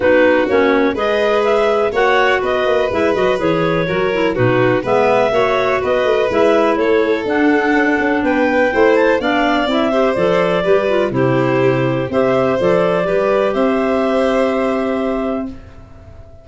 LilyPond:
<<
  \new Staff \with { instrumentName = "clarinet" } { \time 4/4 \tempo 4 = 124 b'4 cis''4 dis''4 e''4 | fis''4 dis''4 e''8 dis''8 cis''4~ | cis''4 b'4 e''2 | dis''4 e''4 cis''4 fis''4~ |
fis''4 g''4. a''8 f''4 | e''4 d''2 c''4~ | c''4 e''4 d''2 | e''1 | }
  \new Staff \with { instrumentName = "violin" } { \time 4/4 fis'2 b'2 | cis''4 b'2. | ais'4 fis'4 b'4 cis''4 | b'2 a'2~ |
a'4 b'4 c''4 d''4~ | d''8 c''4. b'4 g'4~ | g'4 c''2 b'4 | c''1 | }
  \new Staff \with { instrumentName = "clarinet" } { \time 4/4 dis'4 cis'4 gis'2 | fis'2 e'8 fis'8 gis'4 | fis'8 e'8 dis'4 b4 fis'4~ | fis'4 e'2 d'4~ |
d'2 e'4 d'4 | e'8 g'8 a'4 g'8 f'8 e'4~ | e'4 g'4 a'4 g'4~ | g'1 | }
  \new Staff \with { instrumentName = "tuba" } { \time 4/4 b4 ais4 gis2 | ais4 b8 ais8 gis8 fis8 e4 | fis4 b,4 gis4 ais4 | b8 a8 gis4 a4 d'4 |
cis'16 d'16 cis'8 b4 a4 b4 | c'4 f4 g4 c4~ | c4 c'4 f4 g4 | c'1 | }
>>